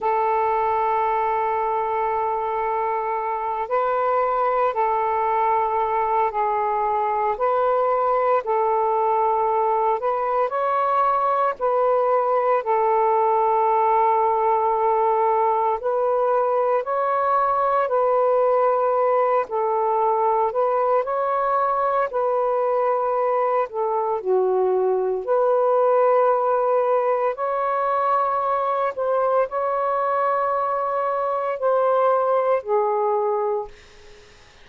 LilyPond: \new Staff \with { instrumentName = "saxophone" } { \time 4/4 \tempo 4 = 57 a'2.~ a'8 b'8~ | b'8 a'4. gis'4 b'4 | a'4. b'8 cis''4 b'4 | a'2. b'4 |
cis''4 b'4. a'4 b'8 | cis''4 b'4. a'8 fis'4 | b'2 cis''4. c''8 | cis''2 c''4 gis'4 | }